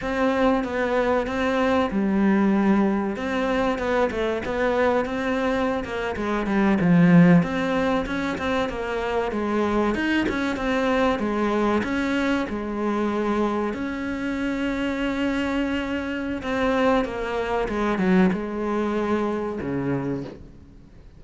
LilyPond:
\new Staff \with { instrumentName = "cello" } { \time 4/4 \tempo 4 = 95 c'4 b4 c'4 g4~ | g4 c'4 b8 a8 b4 | c'4~ c'16 ais8 gis8 g8 f4 c'16~ | c'8. cis'8 c'8 ais4 gis4 dis'16~ |
dis'16 cis'8 c'4 gis4 cis'4 gis16~ | gis4.~ gis16 cis'2~ cis'16~ | cis'2 c'4 ais4 | gis8 fis8 gis2 cis4 | }